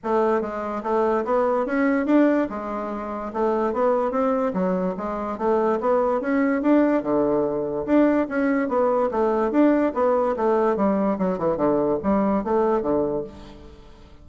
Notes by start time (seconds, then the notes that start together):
0.03 A3
0.41 G#3
0.83 A3
1.24 B3
1.66 C#4
2.06 D4
2.49 G#3
3.33 A3
3.73 B3
4.11 C4
4.53 F#3
4.97 G#3
5.38 A3
5.80 B3
6.20 C#4
6.62 D4
7.03 D3
7.85 D4
8.29 C#4
8.68 B3
9.11 A3
9.51 D4
9.94 B3
10.36 A3
10.76 G3
11.18 F#3
11.38 E3
11.57 D3
12.02 G3
12.44 A3
12.82 D3